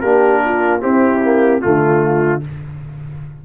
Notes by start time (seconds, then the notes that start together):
0.00 A#3 D4 G4 A#4
0.44 F4
0.80 C4 E4 G4
1.23 A#3
1.61 D3 A3 F4